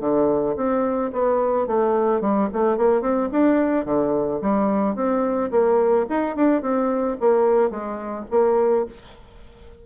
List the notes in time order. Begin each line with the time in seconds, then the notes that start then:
0.00 D3
0.56 C4
1.13 B3
1.67 A3
2.21 G3
2.53 A3
2.77 A#3
3.01 C4
3.32 D4
3.85 D3
4.41 G3
4.95 C4
5.51 A#3
6.10 D#4
6.36 D4
6.62 C4
7.20 A#3
7.70 G#3
8.30 A#3